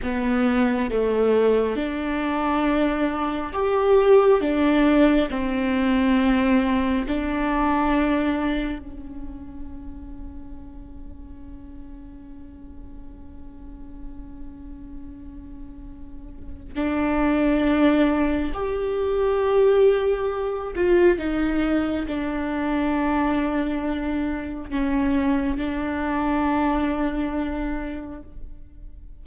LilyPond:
\new Staff \with { instrumentName = "viola" } { \time 4/4 \tempo 4 = 68 b4 a4 d'2 | g'4 d'4 c'2 | d'2 cis'2~ | cis'1~ |
cis'2. d'4~ | d'4 g'2~ g'8 f'8 | dis'4 d'2. | cis'4 d'2. | }